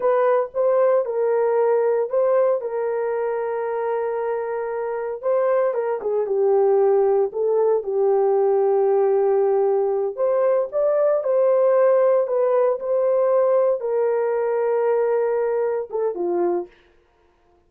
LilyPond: \new Staff \with { instrumentName = "horn" } { \time 4/4 \tempo 4 = 115 b'4 c''4 ais'2 | c''4 ais'2.~ | ais'2 c''4 ais'8 gis'8 | g'2 a'4 g'4~ |
g'2.~ g'8 c''8~ | c''8 d''4 c''2 b'8~ | b'8 c''2 ais'4.~ | ais'2~ ais'8 a'8 f'4 | }